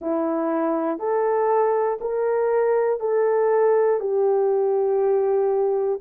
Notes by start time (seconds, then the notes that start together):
0.00 E4
0.99 A4
2.00 A#4
3.00 A4
4.00 G4